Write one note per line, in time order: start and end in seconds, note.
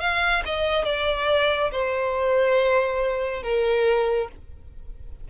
0.00 0.43 F5
0.45 0.85 D#5
0.85 1.71 D5
1.72 3.43 C5
3.43 4.29 A#4